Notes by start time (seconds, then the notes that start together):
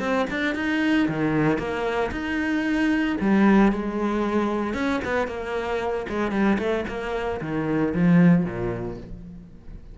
0.00 C4
0.31 D4
0.55 D#4
1.09 D#3
1.58 A#3
2.11 D#4
3.21 G3
3.72 G#3
4.74 C#4
5.05 B3
5.28 A#3
6.09 G#3
6.32 G3
6.59 A3
6.88 A#3
7.41 D#3
7.94 F3
8.45 A#2